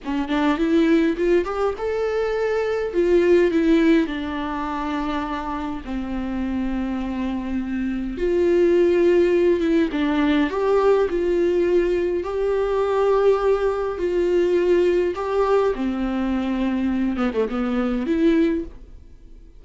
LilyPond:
\new Staff \with { instrumentName = "viola" } { \time 4/4 \tempo 4 = 103 cis'8 d'8 e'4 f'8 g'8 a'4~ | a'4 f'4 e'4 d'4~ | d'2 c'2~ | c'2 f'2~ |
f'8 e'8 d'4 g'4 f'4~ | f'4 g'2. | f'2 g'4 c'4~ | c'4. b16 a16 b4 e'4 | }